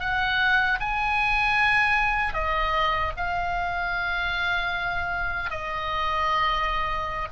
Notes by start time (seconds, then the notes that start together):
0.00 F#5
0.80 G#5
2.34 D#5
3.17 F5
5.51 D#5